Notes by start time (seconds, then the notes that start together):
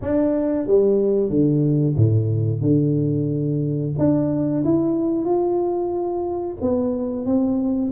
0.01 D4
0.67 G3
1.29 D3
1.95 A2
2.61 D3
3.98 D4
4.64 E4
5.24 F4
6.61 B3
7.25 C4